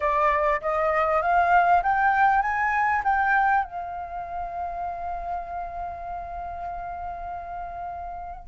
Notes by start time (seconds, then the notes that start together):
0.00 D5
0.61 D#5
1.21 F5
1.82 G5
2.41 G#5
3.04 G5
3.64 F5